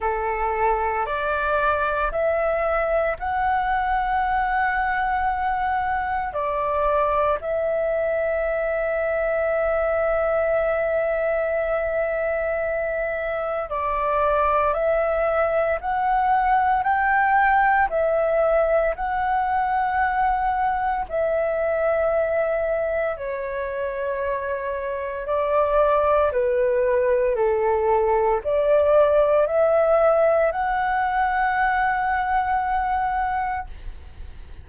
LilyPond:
\new Staff \with { instrumentName = "flute" } { \time 4/4 \tempo 4 = 57 a'4 d''4 e''4 fis''4~ | fis''2 d''4 e''4~ | e''1~ | e''4 d''4 e''4 fis''4 |
g''4 e''4 fis''2 | e''2 cis''2 | d''4 b'4 a'4 d''4 | e''4 fis''2. | }